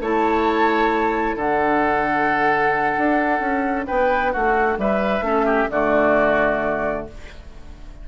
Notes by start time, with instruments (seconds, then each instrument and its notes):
0.00 bassoon A3, clarinet E4, oboe C#5, flute A5
1.36 bassoon D3, clarinet D4, oboe A4, flute F#5
2.98 bassoon D4
3.40 bassoon C#4
3.87 bassoon B3, oboe B4, flute G5
4.32 bassoon A3, oboe F#4, flute F#5
4.78 bassoon G3, oboe B4, flute E5
5.21 bassoon A3, clarinet C#4, oboe A4
5.46 oboe G4
5.71 bassoon D3, clarinet A3, oboe F#4, flute D5